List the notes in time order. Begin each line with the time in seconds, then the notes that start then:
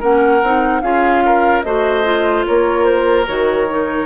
0.00 A#3 C#4 A#4 F#5
0.42 C4 D#4
0.81 C#4 F4 G#4 F5
1.25 A#4
1.63 A3 F#4 C5 D#5
2.04 F4
2.47 A#3 A#4 C#5
2.85 C5
3.27 D#3 F#4 C#5
3.70 D#4